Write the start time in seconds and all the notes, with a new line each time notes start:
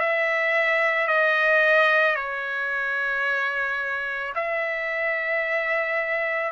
0.00 E5
1.08 D#5
2.15 C#5
4.35 E5